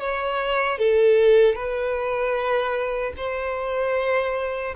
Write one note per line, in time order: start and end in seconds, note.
0.00 0.78 C#5
0.78 1.55 A4
1.55 3.13 B4
3.17 4.75 C5